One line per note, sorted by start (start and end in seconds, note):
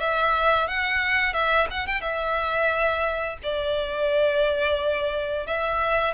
0.00 0.68 E5
0.68 1.34 F#5
1.34 1.68 E5
1.71 1.87 F#5
1.87 2.01 G5
2.01 3.37 E5
3.43 5.47 D5
5.47 6.14 E5